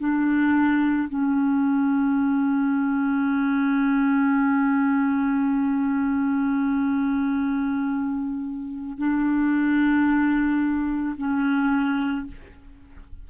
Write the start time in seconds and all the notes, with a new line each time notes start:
0.00 D4
1.10 C#4
8.99 D4
11.18 C#4